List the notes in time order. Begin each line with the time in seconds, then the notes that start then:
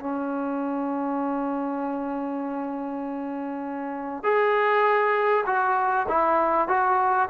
0.00 C#4
4.23 G#4
5.46 F#4
6.09 E4
6.68 F#4